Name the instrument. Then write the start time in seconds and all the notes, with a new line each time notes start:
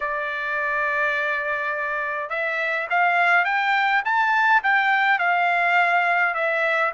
trumpet
0.00 D5
2.29 E5
2.90 F5
3.45 G5
4.04 A5
4.63 G5
5.18 F5
6.34 E5